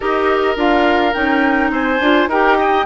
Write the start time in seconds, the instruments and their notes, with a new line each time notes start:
0.00 bassoon D#4, clarinet G4, oboe A#4, flute D#5
0.56 bassoon D4, clarinet F4, flute F5
1.13 bassoon C#4, clarinet D#4, flute G5
1.71 bassoon C4, oboe C5, flute G#5
1.99 bassoon D4, clarinet F4
2.27 bassoon D#4, clarinet G4, oboe A#4, flute G5
2.58 oboe D#5